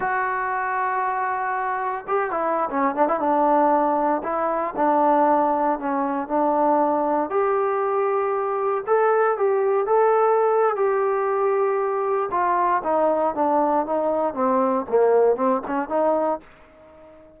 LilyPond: \new Staff \with { instrumentName = "trombone" } { \time 4/4 \tempo 4 = 117 fis'1 | g'8 e'8. cis'8 d'16 e'16 d'4.~ d'16~ | d'16 e'4 d'2 cis'8.~ | cis'16 d'2 g'4.~ g'16~ |
g'4~ g'16 a'4 g'4 a'8.~ | a'4 g'2. | f'4 dis'4 d'4 dis'4 | c'4 ais4 c'8 cis'8 dis'4 | }